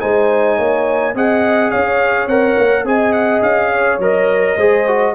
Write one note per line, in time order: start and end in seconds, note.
0.00 0.58 G#3
0.00 1.14 D#4
0.00 0.57 C5
0.00 1.15 G#5
0.57 1.15 A#3
0.57 1.14 C#5
1.15 1.72 C4
1.15 2.29 G#4
1.15 1.71 D#5
1.15 1.70 F#5
1.70 2.27 C#4
1.70 2.86 C#5
1.70 2.27 F5
2.27 2.55 C4
2.27 2.85 A#4
2.27 2.85 F#5
2.58 2.84 A#3
2.84 3.41 C4
2.84 3.99 G#4
2.84 3.73 D#5
2.84 3.12 G#5
3.12 3.41 F#5
3.42 3.99 C#4
3.42 4.00 F5
3.73 4.57 C#5
3.99 4.56 F#3
3.99 4.58 A#4
3.99 5.14 D#5
4.57 5.14 G#3
4.57 4.87 G#4
4.57 5.14 C5
4.87 5.14 F#4